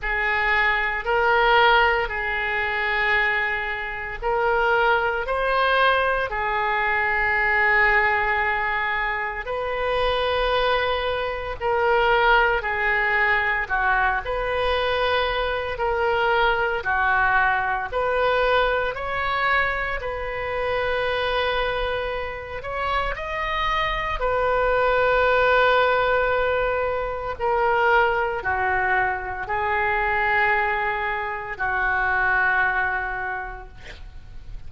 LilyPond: \new Staff \with { instrumentName = "oboe" } { \time 4/4 \tempo 4 = 57 gis'4 ais'4 gis'2 | ais'4 c''4 gis'2~ | gis'4 b'2 ais'4 | gis'4 fis'8 b'4. ais'4 |
fis'4 b'4 cis''4 b'4~ | b'4. cis''8 dis''4 b'4~ | b'2 ais'4 fis'4 | gis'2 fis'2 | }